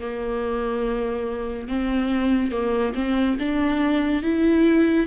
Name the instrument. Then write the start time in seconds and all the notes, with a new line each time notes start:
viola
0.00 A#3
1.68 C4
2.51 A#3
2.95 C4
3.39 D4
4.23 E4